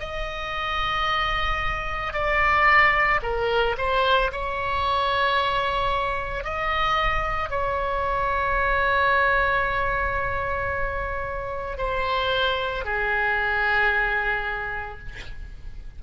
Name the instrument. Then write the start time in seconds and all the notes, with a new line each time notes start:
oboe
0.00 D#5
2.14 D5
3.23 A#4
3.78 C5
4.32 C#5
6.44 D#5
7.50 C#5
11.78 C5
12.85 G#4